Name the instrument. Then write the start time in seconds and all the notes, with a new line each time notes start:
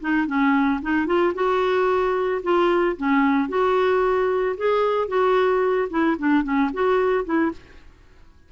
clarinet
0.00 D#4
0.27 C#4
0.82 D#4
1.06 F4
1.34 F#4
2.43 F4
2.97 C#4
3.48 F#4
4.57 G#4
5.08 F#4
5.90 E4
6.18 D4
6.43 C#4
6.73 F#4
7.24 E4